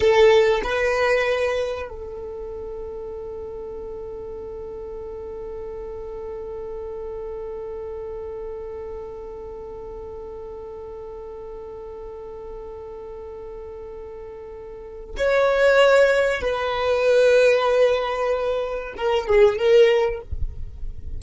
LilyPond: \new Staff \with { instrumentName = "violin" } { \time 4/4 \tempo 4 = 95 a'4 b'2 a'4~ | a'1~ | a'1~ | a'1~ |
a'1~ | a'1 | cis''2 b'2~ | b'2 ais'8 gis'8 ais'4 | }